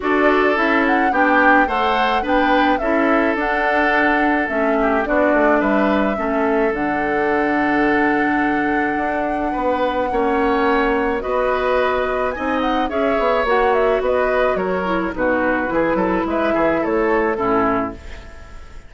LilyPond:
<<
  \new Staff \with { instrumentName = "flute" } { \time 4/4 \tempo 4 = 107 d''4 e''8 fis''8 g''4 fis''4 | g''4 e''4 fis''2 | e''4 d''4 e''2 | fis''1~ |
fis''1 | dis''2 gis''8 fis''8 e''4 | fis''8 e''8 dis''4 cis''4 b'4~ | b'4 e''4 cis''4 a'4 | }
  \new Staff \with { instrumentName = "oboe" } { \time 4/4 a'2 g'4 c''4 | b'4 a'2.~ | a'8 g'8 fis'4 b'4 a'4~ | a'1~ |
a'4 b'4 cis''2 | b'2 dis''4 cis''4~ | cis''4 b'4 ais'4 fis'4 | gis'8 a'8 b'8 gis'8 a'4 e'4 | }
  \new Staff \with { instrumentName = "clarinet" } { \time 4/4 fis'4 e'4 d'4 a'4 | d'4 e'4 d'2 | cis'4 d'2 cis'4 | d'1~ |
d'2 cis'2 | fis'2 dis'4 gis'4 | fis'2~ fis'8 e'8 dis'4 | e'2. cis'4 | }
  \new Staff \with { instrumentName = "bassoon" } { \time 4/4 d'4 cis'4 b4 a4 | b4 cis'4 d'2 | a4 b8 a8 g4 a4 | d1 |
d'4 b4 ais2 | b2 c'4 cis'8 b8 | ais4 b4 fis4 b,4 | e8 fis8 gis8 e8 a4 a,4 | }
>>